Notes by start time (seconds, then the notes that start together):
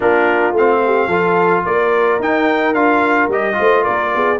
0.00 A#3 D4 F4 A#4
0.52 A3 C4 F5
0.85 G4
1.07 F3 F4 A4
1.65 A#3 A#4 D5
2.19 D#4 G5
2.74 D4 F4 F5
3.28 G3 G4 D#5
3.53 A3 F4 C5
3.83 A#3 A#4 D5
4.14 B3 G#4